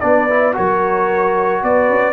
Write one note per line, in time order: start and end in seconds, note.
0.00 0.56 B3
0.00 0.29 D4
0.00 0.55 B4
0.00 0.54 D5
0.30 0.53 E4
0.53 1.63 F#3
0.53 2.13 F#4
0.53 1.62 A#4
0.53 1.64 C#5
1.62 1.89 B3
1.62 2.13 B4
1.62 2.13 D5
1.89 2.13 C#4